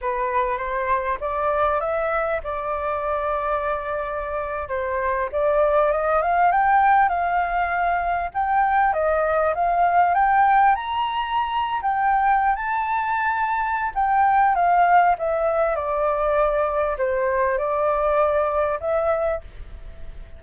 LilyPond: \new Staff \with { instrumentName = "flute" } { \time 4/4 \tempo 4 = 99 b'4 c''4 d''4 e''4 | d''2.~ d''8. c''16~ | c''8. d''4 dis''8 f''8 g''4 f''16~ | f''4.~ f''16 g''4 dis''4 f''16~ |
f''8. g''4 ais''4.~ ais''16 g''8~ | g''8. a''2~ a''16 g''4 | f''4 e''4 d''2 | c''4 d''2 e''4 | }